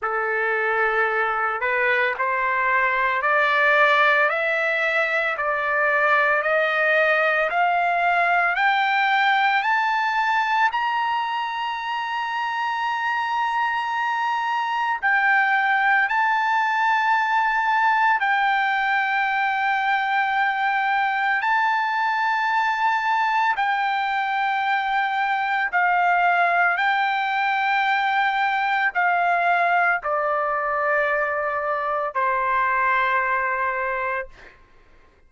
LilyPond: \new Staff \with { instrumentName = "trumpet" } { \time 4/4 \tempo 4 = 56 a'4. b'8 c''4 d''4 | e''4 d''4 dis''4 f''4 | g''4 a''4 ais''2~ | ais''2 g''4 a''4~ |
a''4 g''2. | a''2 g''2 | f''4 g''2 f''4 | d''2 c''2 | }